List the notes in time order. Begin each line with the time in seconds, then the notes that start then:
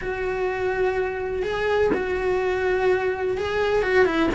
0.01 F#4
1.42 G#4
1.93 F#4
3.37 G#4
3.82 F#4
4.05 E4